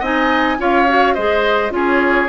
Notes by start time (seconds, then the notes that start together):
0.00 C4 D#4 D#5 G#5
0.59 C#4 F4 C#5 F5
0.88 F#4
1.15 G#3 G#4 C5 D#5
1.70 C#4 F4 G#4 C#5